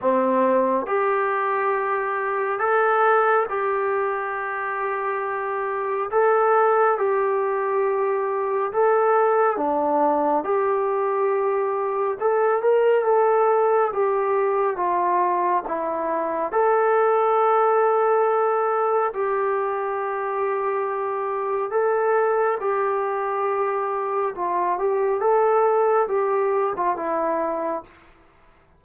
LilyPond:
\new Staff \with { instrumentName = "trombone" } { \time 4/4 \tempo 4 = 69 c'4 g'2 a'4 | g'2. a'4 | g'2 a'4 d'4 | g'2 a'8 ais'8 a'4 |
g'4 f'4 e'4 a'4~ | a'2 g'2~ | g'4 a'4 g'2 | f'8 g'8 a'4 g'8. f'16 e'4 | }